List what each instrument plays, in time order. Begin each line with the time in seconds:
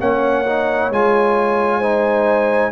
0.00 tuba A#3, trombone C#4, horn C#5, trumpet F#5
0.47 trombone D#4
0.90 tuba G#3, trombone F4, trumpet G#5
1.79 trombone D#4, horn C5